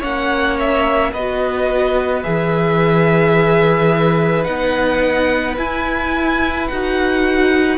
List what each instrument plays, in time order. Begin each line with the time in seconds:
0.00 cello A#3, viola C#4, violin C#5 F#5
0.59 violin E5
1.13 cello B3, violin B4 D#5
1.19 viola F#4
2.23 cello E3, viola G#4, violin E5
4.44 cello B3, viola D#4, violin F#5
5.57 viola E4, cello E4, violin G#5
6.68 cello D#4, viola F#4, violin F#5